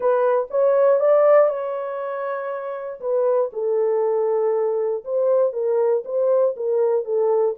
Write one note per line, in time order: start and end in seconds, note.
0.00 0.47 B4
0.50 0.99 C#5
0.99 1.49 D5
1.49 3.00 C#5
3.00 3.50 B4
3.52 5.04 A4
5.04 5.53 C5
5.53 6.03 A#4
6.04 6.55 C5
6.56 7.05 A#4
7.05 7.55 A4